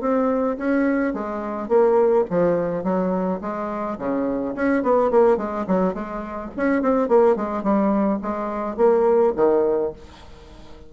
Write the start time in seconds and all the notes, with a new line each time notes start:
0.00 C4
0.57 C#4
1.13 G#3
1.68 A#3
2.30 F3
2.83 F#3
3.41 G#3
3.98 C#3
4.55 C#4
4.82 B3
5.10 A#3
5.37 G#3
5.67 F#3
5.94 G#3
6.56 C#4
6.82 C4
7.08 A#3
7.36 G#3
7.63 G3
8.22 G#3
8.77 A#3
9.36 D#3